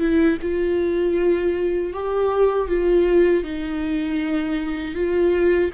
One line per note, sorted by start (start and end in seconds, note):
0.00 0.38 E4
0.42 1.93 F4
1.93 2.68 G4
2.68 3.44 F4
3.44 4.95 D#4
4.95 5.71 F4